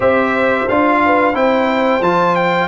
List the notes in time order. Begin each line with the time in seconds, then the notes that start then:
0.00 C4 G4 C5 E5
0.68 D4 F4 F5
1.05 B4
1.33 C4 E4 C5 G5
2.01 F3 F4 A5
2.35 G5